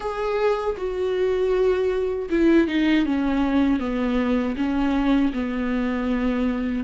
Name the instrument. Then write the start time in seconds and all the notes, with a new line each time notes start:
viola
0.00 G#4
0.77 F#4
2.30 E4
2.67 D#4
3.05 C#4
3.79 B3
4.56 C#4
5.33 B3